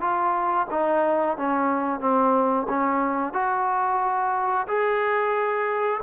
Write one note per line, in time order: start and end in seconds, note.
0.00 0.67 F4
0.70 1.37 D#4
1.37 2.00 C#4
2.00 2.66 C4
2.69 3.33 C#4
3.33 4.66 F#4
4.67 6.01 G#4